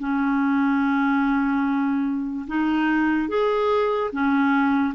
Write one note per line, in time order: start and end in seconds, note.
0.00 2.47 C#4
2.48 3.29 D#4
3.29 4.11 G#4
4.12 4.95 C#4